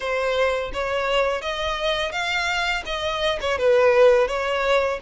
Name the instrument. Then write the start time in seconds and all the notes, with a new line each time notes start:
violin
0.00 C5
0.73 C#5
1.41 D#5
2.11 F5
2.85 D#5
3.40 C#5
3.57 B4
4.27 C#5